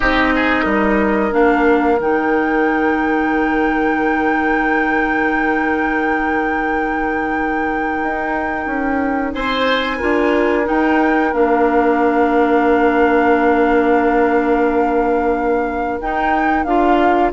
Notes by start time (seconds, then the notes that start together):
0.00 C4 D#4 G4 D#5
0.35 G#4
0.63 G3 A#4
1.31 A#3 D4 F5
1.99 D#3 D#4 G5
8.02 D#4
8.66 C#4
9.33 C4 C5 G#5
9.96 D4 F4 A#4
10.64 D#4 G5
11.32 A#3 D4 F5
16.00 D#4 G5
16.64 D4 F4 F5